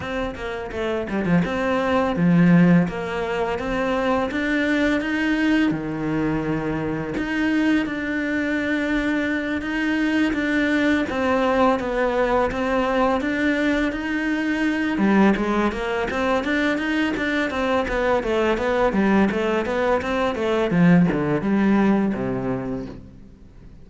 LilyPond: \new Staff \with { instrumentName = "cello" } { \time 4/4 \tempo 4 = 84 c'8 ais8 a8 g16 f16 c'4 f4 | ais4 c'4 d'4 dis'4 | dis2 dis'4 d'4~ | d'4. dis'4 d'4 c'8~ |
c'8 b4 c'4 d'4 dis'8~ | dis'4 g8 gis8 ais8 c'8 d'8 dis'8 | d'8 c'8 b8 a8 b8 g8 a8 b8 | c'8 a8 f8 d8 g4 c4 | }